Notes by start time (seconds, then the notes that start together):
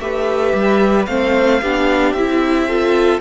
0.00 A3 G4 B4 E5
0.54 G3
1.06 A3 C4 C5 F5
1.62 B3 D4 G4
2.13 C4 E4 E5
2.68 F4 A4